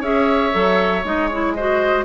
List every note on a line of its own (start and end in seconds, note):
0.00 0.52 C#4
0.00 0.52 G#4
0.00 1.53 C#5
0.00 1.04 E5
0.52 1.04 F#3
0.52 1.02 A4
1.04 2.04 G#3
1.04 1.30 D#4
1.04 1.27 D#5
1.27 1.57 E4
1.27 1.53 C#5
1.53 2.04 F#4
1.53 2.04 C5
1.53 2.04 D#5